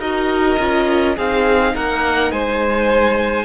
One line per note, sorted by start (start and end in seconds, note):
0.00 0.58 D#4
0.00 0.59 F#4
0.00 1.16 A#4
0.00 1.16 D#5
0.60 1.17 C#4
0.60 1.18 F4
1.16 1.75 C4
1.16 3.45 D#4
1.16 1.74 G#4
1.16 1.76 F5
1.75 2.31 A#3
1.75 2.32 A#4
1.75 2.32 F#5
2.31 3.45 G#3
2.31 3.45 C5
2.31 3.45 G#5